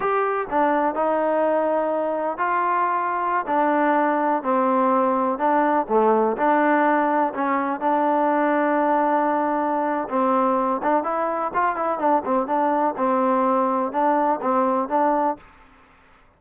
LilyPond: \new Staff \with { instrumentName = "trombone" } { \time 4/4 \tempo 4 = 125 g'4 d'4 dis'2~ | dis'4 f'2~ f'16 d'8.~ | d'4~ d'16 c'2 d'8.~ | d'16 a4 d'2 cis'8.~ |
cis'16 d'2.~ d'8.~ | d'4 c'4. d'8 e'4 | f'8 e'8 d'8 c'8 d'4 c'4~ | c'4 d'4 c'4 d'4 | }